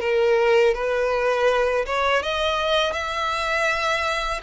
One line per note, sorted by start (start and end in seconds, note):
0.00 0.74 A#4
0.74 1.85 B4
1.86 2.22 C#5
2.22 2.92 D#5
2.92 4.40 E5